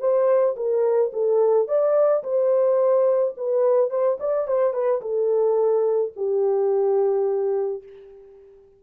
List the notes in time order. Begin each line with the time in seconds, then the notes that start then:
0.00 C5
0.56 A#4
1.13 A4
1.68 D5
2.24 C5
3.37 B4
3.90 C5
4.20 D5
4.48 C5
4.74 B4
5.02 A4
6.17 G4